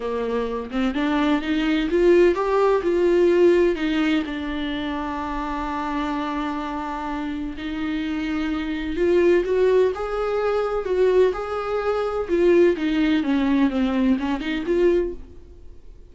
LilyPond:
\new Staff \with { instrumentName = "viola" } { \time 4/4 \tempo 4 = 127 ais4. c'8 d'4 dis'4 | f'4 g'4 f'2 | dis'4 d'2.~ | d'1 |
dis'2. f'4 | fis'4 gis'2 fis'4 | gis'2 f'4 dis'4 | cis'4 c'4 cis'8 dis'8 f'4 | }